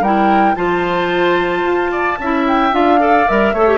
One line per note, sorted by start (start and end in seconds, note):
0.00 0.54 G3
0.00 0.56 E4
0.00 0.55 A#4
0.00 0.55 G5
0.55 1.62 F3
0.55 2.18 F4
0.55 1.91 C5
0.55 2.44 A5
1.62 2.16 F4
1.91 2.18 D5
2.19 2.72 C#4
2.19 2.72 E4
2.19 3.00 E5
2.48 2.74 G5
2.72 3.26 D4
2.72 2.99 F4
2.72 3.28 F5
2.99 3.26 A4
2.99 3.53 D5
3.28 3.53 G3
3.28 3.55 A#4
3.28 3.78 E5
3.53 3.78 A3
3.53 3.68 A4
3.53 3.78 C#5
3.68 3.78 G4